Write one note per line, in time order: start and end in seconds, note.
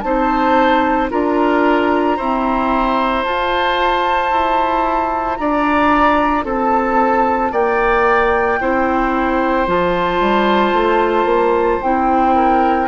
0.00 1.10 C4
0.00 1.10 D#4
0.00 1.10 C5
0.00 1.07 A5
1.10 2.18 D4
1.10 2.17 F4
1.10 2.16 A#4
1.10 3.24 A#5
2.16 3.25 C4
2.16 3.25 E4
2.16 5.38 C5
3.24 8.60 F4
3.24 4.31 F4
3.24 5.36 A5
4.31 5.38 E4
5.36 6.44 D4
5.36 6.45 D5
5.36 6.43 A#5
6.44 7.51 C4
6.44 7.52 A4
6.44 7.53 A5
7.52 8.59 A#3
7.52 8.59 D5
7.52 9.67 G5
8.60 9.67 C4
8.60 9.67 E4
8.60 12.35 C5
9.67 10.20 F3
9.67 11.81 F4
9.67 11.82 A5
10.20 10.73 G3
10.73 11.25 A3
11.25 11.78 A#3
11.82 12.87 C4
11.82 12.87 E4
11.82 12.87 G5
12.35 12.87 A#4